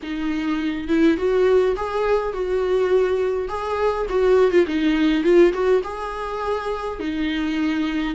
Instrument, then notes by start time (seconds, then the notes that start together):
viola
0.02 D#4
0.88 E4
1.17 F#4
1.76 G#4
2.33 F#4
3.48 G#4
4.09 F#4
4.51 F4
4.66 D#4
5.23 F4
5.53 F#4
5.83 G#4
6.99 D#4